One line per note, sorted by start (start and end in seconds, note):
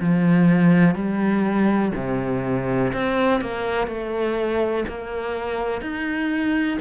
0.00 0.95 F3
0.95 1.92 G3
1.95 2.92 C3
2.93 3.41 C4
3.41 3.87 A#3
3.87 4.84 A3
4.88 5.81 A#3
5.81 6.78 D#4